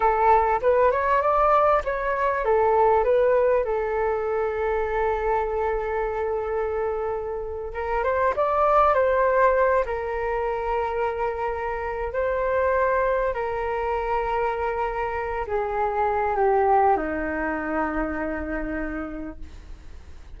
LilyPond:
\new Staff \with { instrumentName = "flute" } { \time 4/4 \tempo 4 = 99 a'4 b'8 cis''8 d''4 cis''4 | a'4 b'4 a'2~ | a'1~ | a'8. ais'8 c''8 d''4 c''4~ c''16~ |
c''16 ais'2.~ ais'8. | c''2 ais'2~ | ais'4. gis'4. g'4 | dis'1 | }